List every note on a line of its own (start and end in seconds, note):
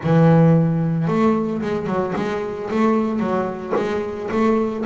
0.03 1.07 E3
1.07 1.61 A3
1.61 1.86 G#3
1.86 2.13 F#3
2.16 2.69 G#3
2.70 3.19 A3
3.19 3.73 F#3
3.76 4.29 G#3
4.31 4.85 A3